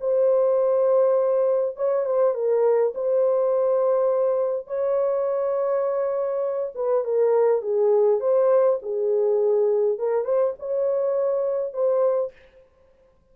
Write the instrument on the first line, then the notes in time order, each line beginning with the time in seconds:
horn
0.00 C5
1.76 C#5
2.05 C5
2.34 A#4
2.94 C5
4.67 C#5
6.75 B4
7.04 A#4
7.61 G#4
8.20 C5
8.82 G#4
9.99 A#4
10.25 C5
10.59 C#5
11.73 C5